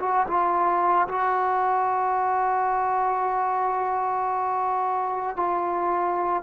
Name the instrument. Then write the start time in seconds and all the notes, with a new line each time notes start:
trombone
0.00 F#4
0.28 F4
1.09 F#4
5.37 F4